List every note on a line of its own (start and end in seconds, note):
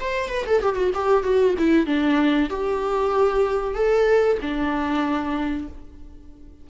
0.00 0.29 C5
0.29 0.45 B4
0.47 0.62 A4
0.62 0.76 G4
0.76 0.91 F#4
0.94 1.23 G4
1.23 1.55 F#4
1.58 1.86 E4
1.86 2.49 D4
2.50 3.75 G4
3.75 4.38 A4
4.41 5.68 D4